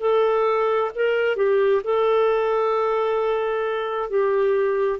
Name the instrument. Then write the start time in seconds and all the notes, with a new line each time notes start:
clarinet
0.00 A4
0.95 A#4
1.36 G4
1.83 A4
4.10 G4